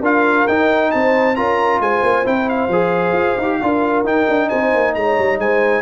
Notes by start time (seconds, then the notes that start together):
0.00 D4 F4 A#4 F5
0.47 D#4 G5
0.91 C4 C5 A5
1.36 C#4 F4 A#4 A#5
1.80 G#3 C5 G#5
2.03 A#3
2.25 C4 E4 G5
2.49 F5
2.68 F3 G#4
3.12 F4
3.38 D#4 G4
3.62 D4 F4 A#4
4.04 D#4 G5
4.29 D4
4.48 C4 C5 G#5
4.74 A#3
4.95 G#3 C#5 A#5
5.18 G3
5.38 G#3 C5 G#5